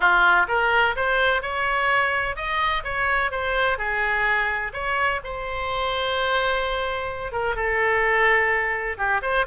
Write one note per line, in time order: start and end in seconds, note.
0.00 0.46 F4
0.47 0.95 A#4
0.96 1.42 C5
1.42 2.36 C#5
2.36 2.83 D#5
2.83 3.31 C#5
3.31 3.78 C5
3.78 4.72 G#4
4.73 5.20 C#5
5.24 7.31 C5
7.31 7.55 A#4
7.55 8.97 A4
8.97 9.21 G4
9.22 9.45 C5